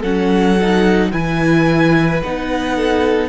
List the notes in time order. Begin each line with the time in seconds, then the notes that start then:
0.00 F#3 C#4 A4 F#5
0.61 D#4
1.12 E3 E4 B4 G#5
2.23 B3 D#4 F#5
2.76 A4